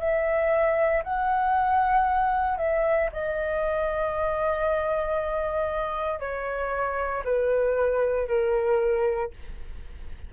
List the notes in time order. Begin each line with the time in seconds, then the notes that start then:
0.00 E5
1.04 F#5
2.58 E5
3.13 D#5
6.20 C#5
7.25 B4
8.28 A#4